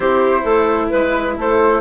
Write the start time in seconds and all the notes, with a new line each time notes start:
0.00 C4 E4 G4 C5
0.42 A3 A4
0.89 G#3 B4
1.37 A3 A4 C5